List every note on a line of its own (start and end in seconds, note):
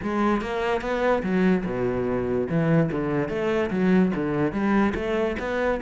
0.02 0.41 G#3
0.41 0.81 A#3
0.81 1.22 B3
1.22 1.64 F#3
1.65 2.47 B2
2.49 2.90 E3
2.91 3.28 D3
3.28 3.70 A3
3.70 4.12 F#3
4.15 4.52 D3
4.52 4.93 G3
4.94 5.36 A3
5.39 5.80 B3